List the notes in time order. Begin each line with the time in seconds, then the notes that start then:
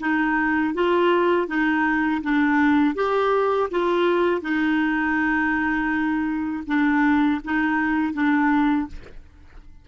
0.00 D#4
0.74 F4
1.47 D#4
2.23 D4
2.95 G4
3.71 F4
4.42 D#4
6.67 D4
7.44 D#4
8.13 D4